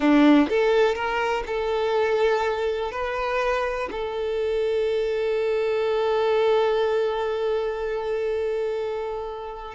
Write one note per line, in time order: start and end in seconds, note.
0.00 0.48 D4
0.49 0.95 A4
0.95 1.43 A#4
1.46 2.91 A4
2.91 3.89 B4
3.91 9.74 A4